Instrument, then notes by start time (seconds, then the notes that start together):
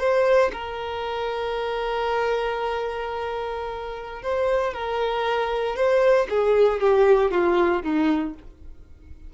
violin
0.00 C5
0.53 A#4
4.22 C5
4.74 A#4
5.76 C5
6.30 G#4
6.81 G4
7.31 F4
7.83 D#4